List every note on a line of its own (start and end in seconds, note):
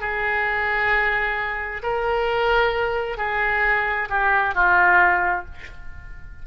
0.00 1.82 G#4
1.82 3.17 A#4
3.17 4.08 G#4
4.09 4.55 G4
4.55 5.45 F4